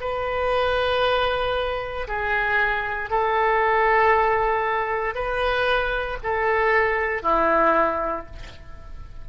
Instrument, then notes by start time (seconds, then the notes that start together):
oboe
0.00 B4
2.07 G#4
3.10 A4
5.14 B4
6.23 A4
7.22 E4